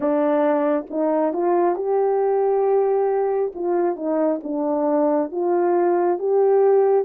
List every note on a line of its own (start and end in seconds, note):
0.00 0.85 D4
0.90 1.33 D#4
1.33 1.75 F4
1.75 3.52 G4
3.55 3.96 F4
3.96 4.40 D#4
4.43 5.31 D4
5.31 6.18 F4
6.18 7.05 G4